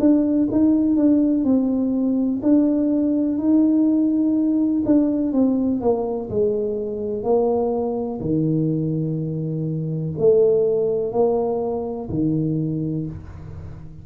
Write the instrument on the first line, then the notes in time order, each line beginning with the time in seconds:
tuba
0.00 D4
0.51 D#4
0.96 D4
1.45 C4
2.43 D4
3.38 D#4
4.86 D4
5.33 C4
5.82 A#3
6.30 G#3
7.24 A#3
8.21 D#3
10.18 A3
11.12 A#3
12.10 D#3